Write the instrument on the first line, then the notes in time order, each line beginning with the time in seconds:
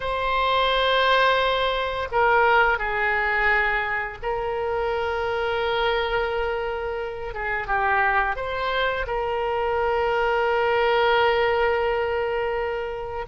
oboe
0.00 C5
2.11 A#4
2.78 G#4
4.22 A#4
7.34 G#4
7.67 G4
8.36 C5
9.07 A#4